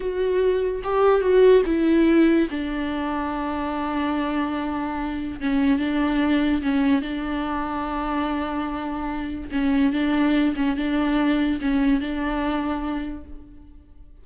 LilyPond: \new Staff \with { instrumentName = "viola" } { \time 4/4 \tempo 4 = 145 fis'2 g'4 fis'4 | e'2 d'2~ | d'1~ | d'4 cis'4 d'2 |
cis'4 d'2.~ | d'2. cis'4 | d'4. cis'8 d'2 | cis'4 d'2. | }